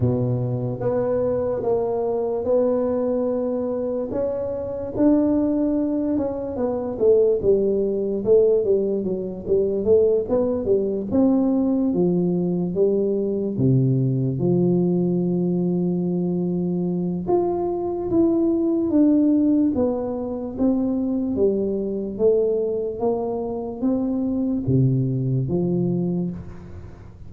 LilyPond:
\new Staff \with { instrumentName = "tuba" } { \time 4/4 \tempo 4 = 73 b,4 b4 ais4 b4~ | b4 cis'4 d'4. cis'8 | b8 a8 g4 a8 g8 fis8 g8 | a8 b8 g8 c'4 f4 g8~ |
g8 c4 f2~ f8~ | f4 f'4 e'4 d'4 | b4 c'4 g4 a4 | ais4 c'4 c4 f4 | }